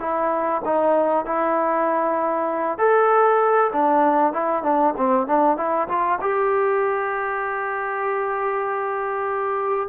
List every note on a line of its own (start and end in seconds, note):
0.00 0.62 E4
0.65 1.26 D#4
1.26 2.78 E4
2.78 3.71 A4
3.73 4.33 D4
4.33 4.63 E4
4.63 4.94 D4
4.97 5.27 C4
5.27 5.57 D4
5.57 5.88 E4
5.88 6.19 F4
6.21 9.89 G4